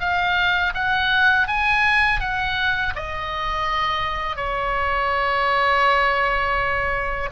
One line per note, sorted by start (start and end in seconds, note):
0.00 0.73 F5
0.74 1.47 F#5
1.47 2.21 G#5
2.21 2.94 F#5
2.96 4.36 D#5
4.36 7.29 C#5